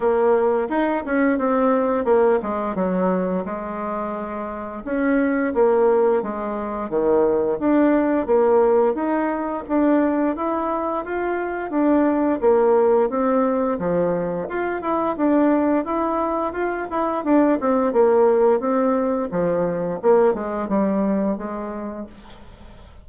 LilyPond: \new Staff \with { instrumentName = "bassoon" } { \time 4/4 \tempo 4 = 87 ais4 dis'8 cis'8 c'4 ais8 gis8 | fis4 gis2 cis'4 | ais4 gis4 dis4 d'4 | ais4 dis'4 d'4 e'4 |
f'4 d'4 ais4 c'4 | f4 f'8 e'8 d'4 e'4 | f'8 e'8 d'8 c'8 ais4 c'4 | f4 ais8 gis8 g4 gis4 | }